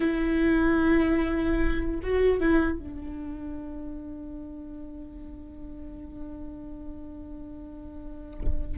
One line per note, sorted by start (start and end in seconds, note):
0.00 2.00 E4
2.02 2.40 F#4
2.40 2.79 E4
2.79 8.78 D4